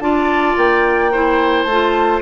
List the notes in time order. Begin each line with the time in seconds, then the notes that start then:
0.00 D4 F4 D5 A5
0.57 A#3 G5
1.12 E4 C5
1.64 A3 A5
1.71 F4